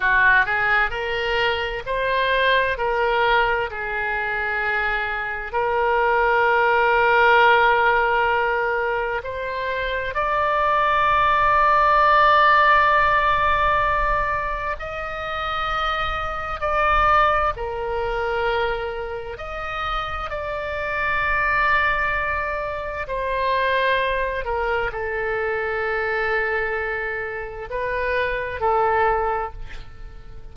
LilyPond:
\new Staff \with { instrumentName = "oboe" } { \time 4/4 \tempo 4 = 65 fis'8 gis'8 ais'4 c''4 ais'4 | gis'2 ais'2~ | ais'2 c''4 d''4~ | d''1 |
dis''2 d''4 ais'4~ | ais'4 dis''4 d''2~ | d''4 c''4. ais'8 a'4~ | a'2 b'4 a'4 | }